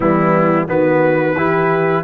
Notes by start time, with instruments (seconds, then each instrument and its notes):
0.00 tuba E3, trombone G3, horn B3, trumpet E4
0.66 tuba D#3, trombone B3, horn F#4, trumpet B4
1.35 tuba E3, trombone E4, horn G4